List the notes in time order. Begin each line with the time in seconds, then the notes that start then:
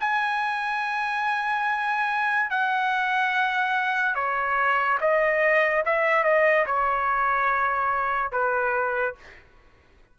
0.00 G#5
2.50 F#5
4.15 C#5
5.00 D#5
5.85 E5
6.23 D#5
6.66 C#5
8.31 B4